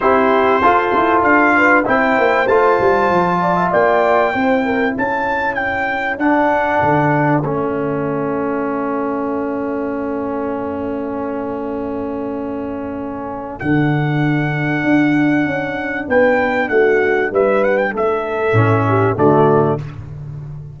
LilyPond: <<
  \new Staff \with { instrumentName = "trumpet" } { \time 4/4 \tempo 4 = 97 c''2 f''4 g''4 | a''2 g''2 | a''4 g''4 fis''2 | e''1~ |
e''1~ | e''2 fis''2~ | fis''2 g''4 fis''4 | e''8 fis''16 g''16 e''2 d''4 | }
  \new Staff \with { instrumentName = "horn" } { \time 4/4 g'4 a'4. b'8 c''4~ | c''4. d''16 e''16 d''4 c''8 ais'8 | a'1~ | a'1~ |
a'1~ | a'1~ | a'2 b'4 fis'4 | b'4 a'4. g'8 fis'4 | }
  \new Staff \with { instrumentName = "trombone" } { \time 4/4 e'4 f'2 e'4 | f'2. e'4~ | e'2 d'2 | cis'1~ |
cis'1~ | cis'2 d'2~ | d'1~ | d'2 cis'4 a4 | }
  \new Staff \with { instrumentName = "tuba" } { \time 4/4 c'4 f'8 e'8 d'4 c'8 ais8 | a8 g8 f4 ais4 c'4 | cis'2 d'4 d4 | a1~ |
a1~ | a2 d2 | d'4 cis'4 b4 a4 | g4 a4 a,4 d4 | }
>>